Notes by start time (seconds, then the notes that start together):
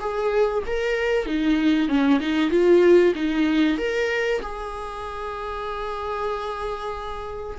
0.00 G#4
0.66 A#4
1.26 D#4
1.88 C#4
2.20 D#4
2.50 F4
3.15 D#4
3.78 A#4
4.42 G#4